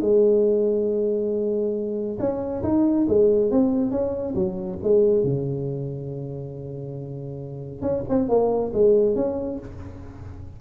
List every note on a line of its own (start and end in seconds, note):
0.00 2.17 G#3
2.19 2.62 C#4
2.63 3.06 D#4
3.08 3.51 G#3
3.51 3.91 C4
3.91 4.34 C#4
4.35 4.78 F#3
4.83 5.23 G#3
5.23 7.81 C#3
7.81 8.03 C#4
8.08 8.28 C4
8.28 8.72 A#3
8.73 9.15 G#3
9.15 9.58 C#4